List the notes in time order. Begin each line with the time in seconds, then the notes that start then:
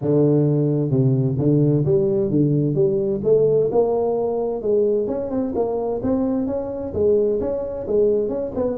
0.01 D3
0.90 C3
1.38 D3
1.85 G3
2.30 D3
2.74 G3
3.23 A3
3.71 A#3
4.62 G#3
5.07 C#4
5.30 C4
5.55 A#3
6.02 C4
6.47 C#4
6.93 G#3
7.40 C#4
7.87 G#3
8.28 C#4
8.55 B3